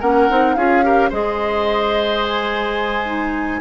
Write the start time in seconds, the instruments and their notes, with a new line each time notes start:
0.00 bassoon A#3, clarinet C#4, oboe A#4, flute F#5
0.30 bassoon C4, clarinet D#4
0.55 bassoon C#4, clarinet F4, oboe G#4, flute F5
0.83 clarinet G4, oboe A#4
1.10 bassoon G#3, clarinet G#4, oboe C5, flute D#5
2.24 flute G#5
3.06 clarinet D#4